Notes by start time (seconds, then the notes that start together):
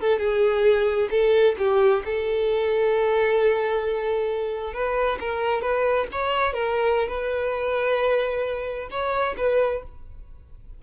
0.00 A4
0.19 G#4
1.10 A4
1.58 G4
2.05 A4
4.73 B4
5.20 A#4
5.62 B4
6.12 C#5
6.54 A#4
7.08 B4
8.90 C#5
9.37 B4